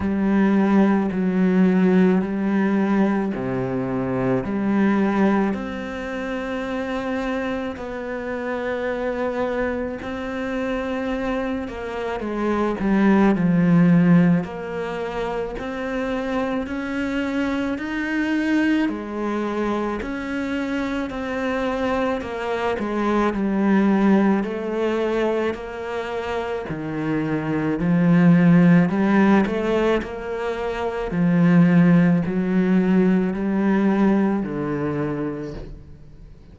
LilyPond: \new Staff \with { instrumentName = "cello" } { \time 4/4 \tempo 4 = 54 g4 fis4 g4 c4 | g4 c'2 b4~ | b4 c'4. ais8 gis8 g8 | f4 ais4 c'4 cis'4 |
dis'4 gis4 cis'4 c'4 | ais8 gis8 g4 a4 ais4 | dis4 f4 g8 a8 ais4 | f4 fis4 g4 d4 | }